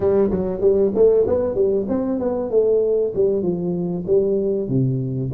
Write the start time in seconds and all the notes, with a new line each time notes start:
0.00 G3
0.30 F#3
0.61 G3
0.95 A3
1.27 B3
1.55 G3
1.88 C4
2.19 B3
2.50 A3
3.15 G3
3.42 F3
4.06 G3
4.68 C3